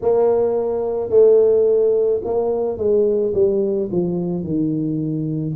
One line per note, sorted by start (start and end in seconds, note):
0.01 1.09 A#3
1.09 2.20 A3
2.24 2.77 A#3
2.77 3.33 G#3
3.34 3.89 G3
3.91 4.43 F3
4.43 5.55 D#3